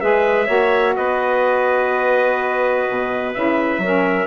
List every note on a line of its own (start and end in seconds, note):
0.00 0.48 G#3
0.00 0.46 G#4
0.00 0.46 B4
0.00 0.95 E5
0.46 0.96 A#3
0.46 3.31 F#4
0.46 0.94 C#5
0.96 2.88 B3
0.96 3.82 B4
0.96 3.34 D#5
2.88 3.35 B2
3.34 3.77 C#3
3.34 3.82 E4
3.34 4.27 E5
3.77 4.25 F#3
3.77 4.27 C#4
3.77 4.27 A#4